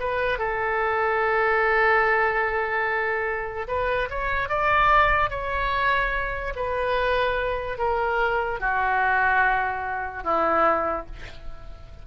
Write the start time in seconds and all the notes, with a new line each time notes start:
0.00 B4
0.39 A4
3.68 B4
4.10 C#5
4.49 D5
5.31 C#5
6.56 B4
7.78 A#4
8.60 F#4
10.24 E4